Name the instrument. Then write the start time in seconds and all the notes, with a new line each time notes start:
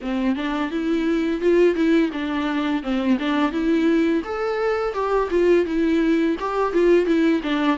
viola
0.01 C4
0.35 D4
0.70 E4
1.41 F4
1.75 E4
2.12 D4
2.82 C4
3.19 D4
3.51 E4
4.24 A4
4.93 G4
5.30 F4
5.65 E4
6.39 G4
6.73 F4
7.06 E4
7.42 D4